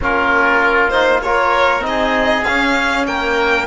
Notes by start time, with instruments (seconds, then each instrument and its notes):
0.00 cello A#3, trombone C#4, oboe F4, violin A#4
0.89 trombone D#4, violin C5
1.22 trombone F4, oboe A#4, violin C#5
1.80 cello C4, trombone D#4
1.86 oboe G#4, violin D#5
2.43 cello C#4, trombone C#4, violin F5
3.07 cello A#3, oboe A#4, violin G5